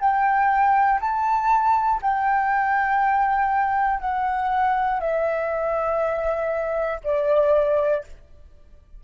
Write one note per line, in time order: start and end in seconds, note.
0.00 1.00 G5
1.01 2.01 A5
2.02 4.01 G5
4.01 5.01 F#5
5.01 7.01 E5
7.04 8.04 D5